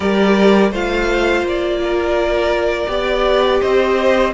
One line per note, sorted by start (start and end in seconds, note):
0.00 0.71 G3
0.00 0.69 G4
0.00 0.71 A#4
0.00 0.72 D5
0.71 1.42 A3
0.71 2.87 F4
0.71 1.79 C5
0.71 1.47 F5
1.42 2.86 A#3
1.42 3.61 D5
1.83 2.90 A#4
2.87 3.60 B3
2.87 4.32 G4
2.87 3.61 D5
3.61 4.34 C4
3.61 4.33 C5
3.61 4.33 D#5